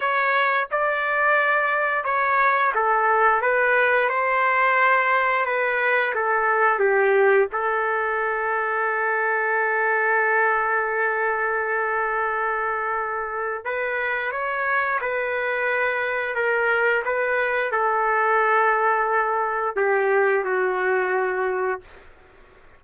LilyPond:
\new Staff \with { instrumentName = "trumpet" } { \time 4/4 \tempo 4 = 88 cis''4 d''2 cis''4 | a'4 b'4 c''2 | b'4 a'4 g'4 a'4~ | a'1~ |
a'1 | b'4 cis''4 b'2 | ais'4 b'4 a'2~ | a'4 g'4 fis'2 | }